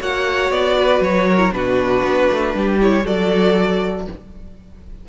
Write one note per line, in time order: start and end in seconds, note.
0.00 0.51 A#3
0.00 1.38 F#4
0.00 0.76 C#5
0.00 0.51 F#5
0.51 1.01 B3
0.51 1.02 D5
0.79 1.29 B4
1.01 1.52 F#3
1.01 1.53 C#5
1.29 1.55 A#4
1.38 1.51 E4
1.52 2.03 B2
1.52 2.80 D4
1.52 2.56 F#4
1.52 2.80 B4
2.04 2.29 B3
2.31 2.55 A3
2.55 3.06 G3
2.55 3.05 G4
2.82 3.03 E4
2.82 3.07 C#5
3.03 4.08 F#3
3.03 4.04 F#4
3.03 4.07 A4
3.03 4.09 D5